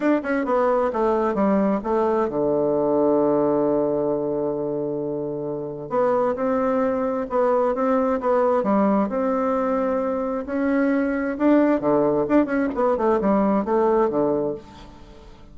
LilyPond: \new Staff \with { instrumentName = "bassoon" } { \time 4/4 \tempo 4 = 132 d'8 cis'8 b4 a4 g4 | a4 d2.~ | d1~ | d4 b4 c'2 |
b4 c'4 b4 g4 | c'2. cis'4~ | cis'4 d'4 d4 d'8 cis'8 | b8 a8 g4 a4 d4 | }